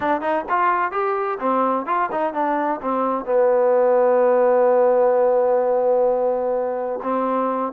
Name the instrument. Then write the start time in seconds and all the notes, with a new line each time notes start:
trombone
0.00 D4
0.21 D#4
0.49 F4
0.91 G4
1.39 C4
1.86 F4
2.11 D#4
2.33 D4
2.81 C4
3.25 B3
7.02 C4